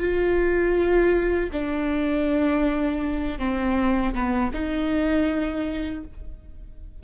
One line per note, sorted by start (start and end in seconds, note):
0.00 1.50 F4
1.52 3.39 D4
3.39 4.14 C4
4.14 4.51 B3
4.53 6.03 D#4